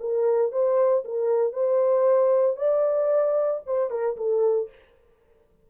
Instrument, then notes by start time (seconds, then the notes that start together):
horn
0.00 A#4
0.52 C5
1.05 A#4
1.53 C5
2.57 D5
3.66 C5
3.90 A#4
4.17 A4